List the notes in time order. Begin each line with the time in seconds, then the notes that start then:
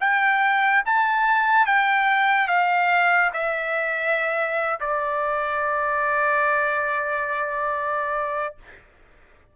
0.00 G5
0.85 A5
1.66 G5
2.48 F5
3.34 E5
4.80 D5